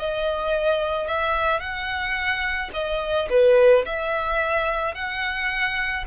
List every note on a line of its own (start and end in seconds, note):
0.00 1.08 D#5
1.08 1.61 E5
1.61 2.71 F#5
2.74 3.29 D#5
3.30 3.85 B4
3.86 4.95 E5
4.95 6.05 F#5